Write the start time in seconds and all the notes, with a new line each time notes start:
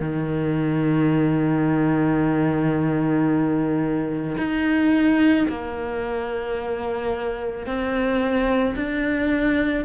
0.00 D#3
4.37 D#4
5.48 A#3
7.66 C4
8.76 D4